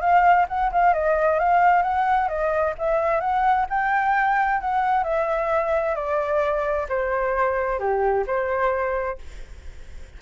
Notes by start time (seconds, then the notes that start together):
0.00 F5
0.48 F#5
0.71 F5
0.93 D#5
1.39 F5
1.82 F#5
2.28 D#5
2.78 E5
3.20 F#5
3.69 G5
4.61 F#5
5.03 E5
5.95 D5
6.88 C5
7.79 G4
8.26 C5